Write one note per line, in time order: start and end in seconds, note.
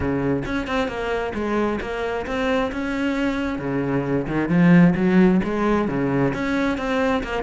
0.00 0.43 C#3
0.45 0.67 C#4
0.67 0.87 C4
0.87 1.32 A#3
1.34 1.79 G#3
1.80 2.26 A#3
2.26 2.71 C4
2.72 3.59 C#4
3.59 4.26 C#3
4.27 4.49 D#3
4.49 4.94 F3
4.95 5.41 F#3
5.44 5.88 G#3
5.88 6.33 C#3
6.33 6.77 C#4
6.77 7.22 C4
7.23 7.43 A#3